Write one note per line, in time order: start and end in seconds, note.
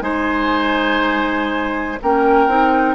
0.00 1.98 G#3
0.00 1.97 D#4
0.00 2.00 C5
0.00 1.98 G#5
2.02 2.47 A#3
2.02 2.49 C#4
2.02 2.95 A#4
2.02 2.95 G5
2.47 2.95 C4
2.47 2.95 D#4